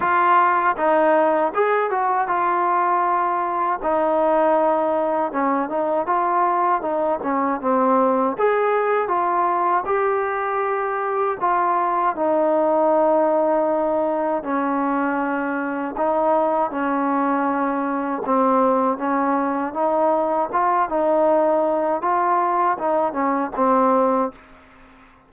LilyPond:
\new Staff \with { instrumentName = "trombone" } { \time 4/4 \tempo 4 = 79 f'4 dis'4 gis'8 fis'8 f'4~ | f'4 dis'2 cis'8 dis'8 | f'4 dis'8 cis'8 c'4 gis'4 | f'4 g'2 f'4 |
dis'2. cis'4~ | cis'4 dis'4 cis'2 | c'4 cis'4 dis'4 f'8 dis'8~ | dis'4 f'4 dis'8 cis'8 c'4 | }